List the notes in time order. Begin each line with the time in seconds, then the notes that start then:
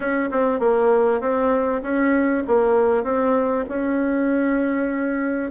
0.00 C#4
0.31 C4
0.59 A#3
1.20 C4
1.82 C#4
2.47 A#3
3.03 C4
3.68 C#4